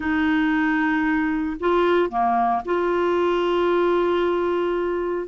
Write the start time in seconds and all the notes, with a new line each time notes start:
0.00 D#4
1.60 F4
2.09 A#3
2.65 F4